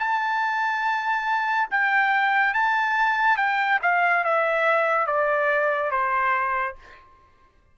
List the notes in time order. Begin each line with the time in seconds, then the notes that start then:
0.00 A5
1.71 G5
2.54 A5
3.38 G5
3.83 F5
4.24 E5
5.07 D5
5.92 C5